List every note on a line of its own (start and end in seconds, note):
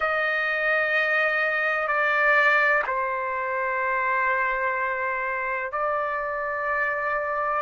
0.00 1.87 D#5
1.87 2.82 D5
2.86 5.71 C5
5.71 7.61 D5